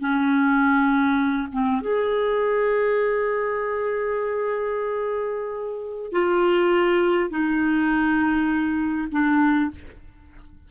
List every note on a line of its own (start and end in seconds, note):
0.00 1.49 C#4
1.52 1.81 C4
1.81 6.12 G#4
6.12 7.30 F4
7.30 9.08 D#4
9.11 9.71 D4